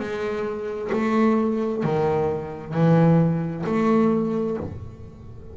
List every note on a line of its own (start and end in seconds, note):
0.00 0.91 G#3
0.93 1.84 A3
1.84 2.74 D#3
2.74 3.65 E3
3.67 4.57 A3